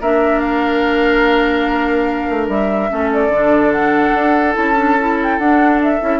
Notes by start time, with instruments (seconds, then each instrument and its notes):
0.00 bassoon A#3, clarinet D4, oboe A#4, flute E5
0.40 flute F5
2.29 bassoon A3
2.48 bassoon G3, flute E5
2.89 bassoon A3, clarinet C#4, oboe A4
3.13 flute D5
3.28 bassoon D3, clarinet D4
3.71 flute F#5
4.14 bassoon D4
4.53 bassoon C#4, clarinet E4, flute A5
4.76 clarinet D4
4.99 clarinet E4
5.23 flute G5
5.39 bassoon D4, clarinet D4, flute F#5
5.82 flute E5
6.01 bassoon C#4, clarinet E4